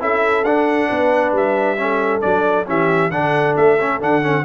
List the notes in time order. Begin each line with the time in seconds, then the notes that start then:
0.00 C#4 E4 A4 E5
0.44 D4 F#5
0.89 B3 B4
1.32 G3 E5
1.77 C#4 A4
2.21 F#3 D4 D5
2.66 E3 C#4 G4 E5
3.11 D3 D4 A4 F#5
3.56 A3 E5
3.79 C#4
4.00 D3 D4 F#5
4.22 C#4